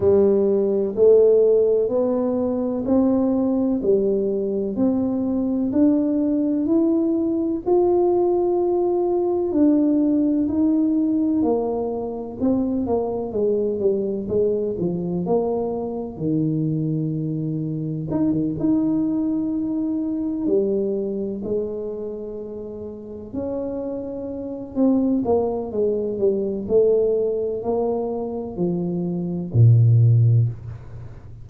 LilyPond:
\new Staff \with { instrumentName = "tuba" } { \time 4/4 \tempo 4 = 63 g4 a4 b4 c'4 | g4 c'4 d'4 e'4 | f'2 d'4 dis'4 | ais4 c'8 ais8 gis8 g8 gis8 f8 |
ais4 dis2 dis'16 dis16 dis'8~ | dis'4. g4 gis4.~ | gis8 cis'4. c'8 ais8 gis8 g8 | a4 ais4 f4 ais,4 | }